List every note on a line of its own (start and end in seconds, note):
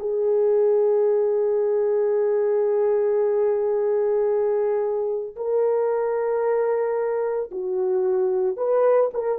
0.00 5.36 G#4
5.36 7.50 A#4
7.51 8.57 F#4
8.57 9.11 B4
9.14 9.38 A#4